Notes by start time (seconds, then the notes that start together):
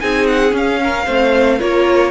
0.00 C4 D#4 G#4 G#5
0.27 F#5
0.50 C#4
0.56 F5
0.83 A#4
1.05 A3 C4 C5
1.59 A#3 F4 A#4 C#5